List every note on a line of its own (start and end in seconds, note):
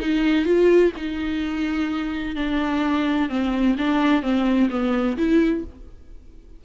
0.00 0.46 D#4
0.46 0.92 F4
0.97 2.36 D#4
2.36 3.30 D4
3.30 3.76 C4
3.78 4.23 D4
4.23 4.69 C4
4.70 5.17 B3
5.18 5.64 E4